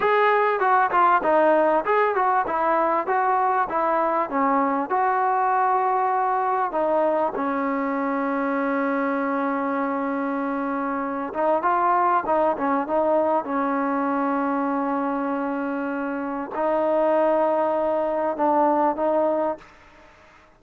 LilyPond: \new Staff \with { instrumentName = "trombone" } { \time 4/4 \tempo 4 = 98 gis'4 fis'8 f'8 dis'4 gis'8 fis'8 | e'4 fis'4 e'4 cis'4 | fis'2. dis'4 | cis'1~ |
cis'2~ cis'8 dis'8 f'4 | dis'8 cis'8 dis'4 cis'2~ | cis'2. dis'4~ | dis'2 d'4 dis'4 | }